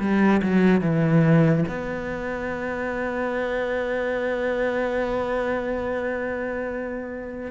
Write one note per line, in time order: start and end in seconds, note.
0.00 0.42 G3
0.42 0.81 F#3
0.81 1.65 E3
1.69 7.52 B3